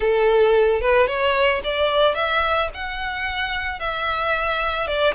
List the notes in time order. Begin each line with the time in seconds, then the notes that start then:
0.00 A4
0.81 B4
1.07 C#5
1.64 D5
2.14 E5
2.73 F#5
3.79 E5
4.87 D5